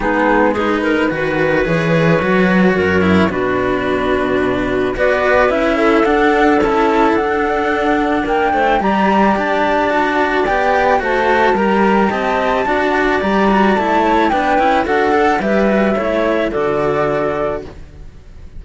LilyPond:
<<
  \new Staff \with { instrumentName = "flute" } { \time 4/4 \tempo 4 = 109 gis'4 b'2 cis''4~ | cis''2 b'2~ | b'4 d''4 e''4 fis''4 | a''4 fis''2 g''4 |
ais''4 a''2 g''4 | a''4 ais''4 a''2 | ais''4 a''4 g''4 fis''4 | e''2 d''2 | }
  \new Staff \with { instrumentName = "clarinet" } { \time 4/4 dis'4 gis'8 ais'8 b'2~ | b'4 ais'4 fis'2~ | fis'4 b'4. a'4.~ | a'2. ais'8 c''8 |
d''1 | c''4 ais'4 dis''4 d''4~ | d''4. cis''8 b'4 a'4 | b'4 cis''4 a'2 | }
  \new Staff \with { instrumentName = "cello" } { \time 4/4 b4 dis'4 fis'4 gis'4 | fis'4. e'8 d'2~ | d'4 fis'4 e'4 d'4 | e'4 d'2. |
g'2 fis'4 g'4 | fis'4 g'2 fis'4 | g'8 fis'8 e'4 d'8 e'8 fis'8 a'8 | g'8 fis'8 e'4 fis'2 | }
  \new Staff \with { instrumentName = "cello" } { \time 4/4 gis2 dis4 e4 | fis4 fis,4 b,2~ | b,4 b4 cis'4 d'4 | cis'4 d'2 ais8 a8 |
g4 d'2 b4 | a4 g4 c'4 d'4 | g4 a4 b8 cis'8 d'4 | g4 a4 d2 | }
>>